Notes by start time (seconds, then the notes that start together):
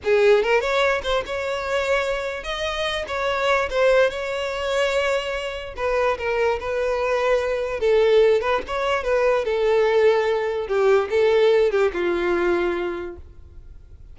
0.03 G#4
0.43 A#4
0.60 C#5
1.03 C5
1.25 C#5
2.43 D#5
3.07 C#5
3.70 C5
4.10 C#5
5.76 B4
6.18 A#4
6.59 B4
7.80 A4
8.41 B4
8.67 C#5
9.03 B4
9.44 A4
10.67 G4
11.10 A4
11.71 G4
11.93 F4